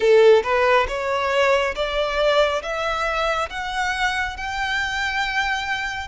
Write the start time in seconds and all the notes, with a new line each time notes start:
0.00 A4
0.43 B4
0.87 C#5
1.75 D5
2.62 E5
3.49 F#5
4.36 G5